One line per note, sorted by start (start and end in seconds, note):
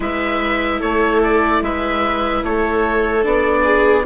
0.00 0.81 G#3
0.00 3.22 E4
0.00 0.79 B4
0.00 0.81 E5
0.79 1.61 A3
0.79 1.60 A4
0.79 1.21 C#5
1.23 1.63 D5
1.61 2.42 G#3
1.61 2.44 B4
1.61 2.44 E5
2.43 3.24 A3
2.43 3.64 A4
2.43 3.24 C#5
3.22 4.05 B3
3.22 4.03 D4
3.22 4.05 D5
3.64 4.04 G#4